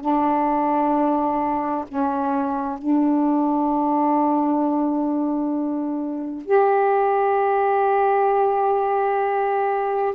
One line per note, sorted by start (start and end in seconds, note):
0.00 1.85 D4
1.88 2.78 C#4
2.78 6.45 D4
6.45 10.15 G4